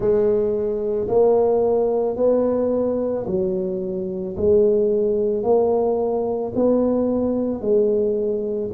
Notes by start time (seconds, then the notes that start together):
0.00 G#3
1.08 A#3
2.16 B3
3.26 F#3
4.36 G#3
5.42 A#3
6.55 B3
7.61 G#3